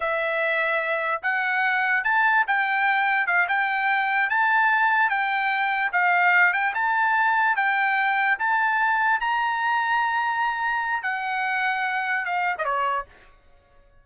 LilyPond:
\new Staff \with { instrumentName = "trumpet" } { \time 4/4 \tempo 4 = 147 e''2. fis''4~ | fis''4 a''4 g''2 | f''8 g''2 a''4.~ | a''8 g''2 f''4. |
g''8 a''2 g''4.~ | g''8 a''2 ais''4.~ | ais''2. fis''4~ | fis''2 f''8. dis''16 cis''4 | }